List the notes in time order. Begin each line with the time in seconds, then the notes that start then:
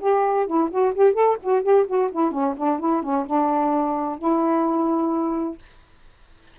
0.00 G4
0.47 E4
0.71 F#4
0.95 G4
1.14 A4
1.42 F#4
1.62 G4
1.87 F#4
2.11 E4
2.31 C#4
2.57 D4
2.79 E4
3.03 C#4
3.26 D4
4.18 E4